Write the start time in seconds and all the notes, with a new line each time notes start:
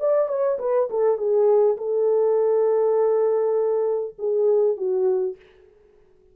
0.00 D5
0.28 C#5
0.59 B4
0.90 A4
1.18 G#4
1.77 A4
4.18 G#4
4.77 F#4